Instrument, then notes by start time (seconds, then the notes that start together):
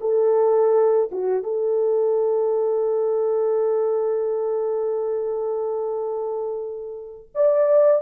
horn
0.00 A4
1.11 F#4
1.43 A4
7.34 D5